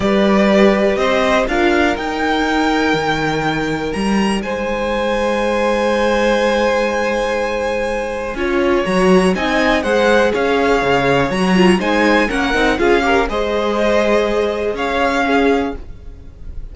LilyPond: <<
  \new Staff \with { instrumentName = "violin" } { \time 4/4 \tempo 4 = 122 d''2 dis''4 f''4 | g''1 | ais''4 gis''2.~ | gis''1~ |
gis''2 ais''4 gis''4 | fis''4 f''2 ais''4 | gis''4 fis''4 f''4 dis''4~ | dis''2 f''2 | }
  \new Staff \with { instrumentName = "violin" } { \time 4/4 b'2 c''4 ais'4~ | ais'1~ | ais'4 c''2.~ | c''1~ |
c''4 cis''2 dis''4 | c''4 cis''2. | c''4 ais'4 gis'8 ais'8 c''4~ | c''2 cis''4 gis'4 | }
  \new Staff \with { instrumentName = "viola" } { \time 4/4 g'2. f'4 | dis'1~ | dis'1~ | dis'1~ |
dis'4 f'4 fis'4 dis'4 | gis'2. fis'8 f'8 | dis'4 cis'8 dis'8 f'8 g'8 gis'4~ | gis'2. cis'4 | }
  \new Staff \with { instrumentName = "cello" } { \time 4/4 g2 c'4 d'4 | dis'2 dis2 | g4 gis2.~ | gis1~ |
gis4 cis'4 fis4 c'4 | gis4 cis'4 cis4 fis4 | gis4 ais8 c'8 cis'4 gis4~ | gis2 cis'2 | }
>>